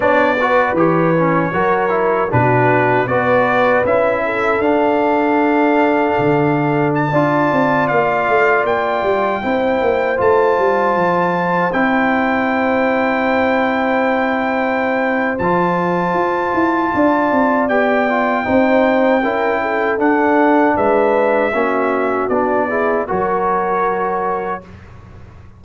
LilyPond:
<<
  \new Staff \with { instrumentName = "trumpet" } { \time 4/4 \tempo 4 = 78 d''4 cis''2 b'4 | d''4 e''4 f''2~ | f''4 a''4~ a''16 f''4 g''8.~ | g''4~ g''16 a''2 g''8.~ |
g''1 | a''2. g''4~ | g''2 fis''4 e''4~ | e''4 d''4 cis''2 | }
  \new Staff \with { instrumentName = "horn" } { \time 4/4 cis''8 b'4. ais'4 fis'4 | b'4. a'2~ a'8~ | a'4~ a'16 d''2~ d''8.~ | d''16 c''2.~ c''8.~ |
c''1~ | c''2 d''2 | c''4 ais'8 a'4. b'4 | fis'4. gis'8 ais'2 | }
  \new Staff \with { instrumentName = "trombone" } { \time 4/4 d'8 fis'8 g'8 cis'8 fis'8 e'8 d'4 | fis'4 e'4 d'2~ | d'4~ d'16 f'2~ f'8.~ | f'16 e'4 f'2 e'8.~ |
e'1 | f'2. g'8 f'8 | dis'4 e'4 d'2 | cis'4 d'8 e'8 fis'2 | }
  \new Staff \with { instrumentName = "tuba" } { \time 4/4 b4 e4 fis4 b,4 | b4 cis'4 d'2 | d4~ d16 d'8 c'8 ais8 a8 ais8 g16~ | g16 c'8 ais8 a8 g8 f4 c'8.~ |
c'1 | f4 f'8 e'8 d'8 c'8 b4 | c'4 cis'4 d'4 gis4 | ais4 b4 fis2 | }
>>